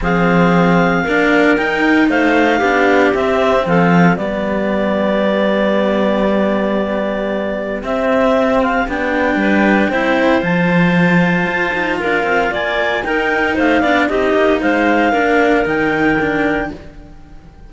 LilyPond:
<<
  \new Staff \with { instrumentName = "clarinet" } { \time 4/4 \tempo 4 = 115 f''2. g''4 | f''2 e''4 f''4 | d''1~ | d''2. e''4~ |
e''8 f''8 g''2. | a''2. f''4 | gis''4 g''4 f''4 dis''4 | f''2 g''2 | }
  \new Staff \with { instrumentName = "clarinet" } { \time 4/4 gis'2 ais'2 | c''4 g'2 a'4 | g'1~ | g'1~ |
g'2 b'4 c''4~ | c''2. ais'4 | d''4 ais'4 c''8 d''8 g'4 | c''4 ais'2. | }
  \new Staff \with { instrumentName = "cello" } { \time 4/4 c'2 d'4 dis'4~ | dis'4 d'4 c'2 | b1~ | b2. c'4~ |
c'4 d'2 e'4 | f'1~ | f'4 dis'4. d'8 dis'4~ | dis'4 d'4 dis'4 d'4 | }
  \new Staff \with { instrumentName = "cello" } { \time 4/4 f2 ais4 dis'4 | a4 b4 c'4 f4 | g1~ | g2. c'4~ |
c'4 b4 g4 c'4 | f2 f'8 dis'8 d'8 c'8 | ais4 dis'4 a8 b8 c'8 ais8 | gis4 ais4 dis2 | }
>>